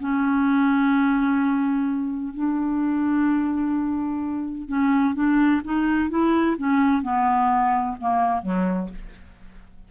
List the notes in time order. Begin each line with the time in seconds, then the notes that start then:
0.00 C#4
2.34 D4
4.68 C#4
5.15 D4
5.64 D#4
6.10 E4
6.58 C#4
7.03 B3
8.00 A#3
8.42 F#3